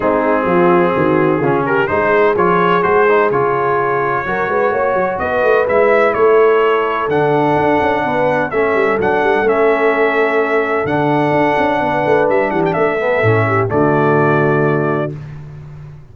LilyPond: <<
  \new Staff \with { instrumentName = "trumpet" } { \time 4/4 \tempo 4 = 127 gis'2.~ gis'8 ais'8 | c''4 cis''4 c''4 cis''4~ | cis''2. dis''4 | e''4 cis''2 fis''4~ |
fis''2 e''4 fis''4 | e''2. fis''4~ | fis''2 e''8 fis''16 g''16 e''4~ | e''4 d''2. | }
  \new Staff \with { instrumentName = "horn" } { \time 4/4 dis'4 f'4 fis'4 f'8 g'8 | gis'1~ | gis'4 ais'8 b'8 cis''4 b'4~ | b'4 a'2.~ |
a'4 b'4 a'2~ | a'1~ | a'4 b'4. g'8 a'4~ | a'8 g'8 fis'2. | }
  \new Staff \with { instrumentName = "trombone" } { \time 4/4 c'2. cis'4 | dis'4 f'4 fis'8 dis'8 f'4~ | f'4 fis'2. | e'2. d'4~ |
d'2 cis'4 d'4 | cis'2. d'4~ | d'2.~ d'8 b8 | cis'4 a2. | }
  \new Staff \with { instrumentName = "tuba" } { \time 4/4 gis4 f4 dis4 cis4 | gis4 f4 gis4 cis4~ | cis4 fis8 gis8 ais8 fis8 b8 a8 | gis4 a2 d4 |
d'8 cis'8 b4 a8 g8 fis8 g8 | a2. d4 | d'8 cis'8 b8 a8 g8 e8 a4 | a,4 d2. | }
>>